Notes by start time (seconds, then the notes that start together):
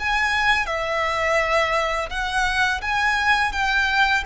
0.00 G#5
0.67 E5
2.10 F#5
2.82 G#5
3.53 G5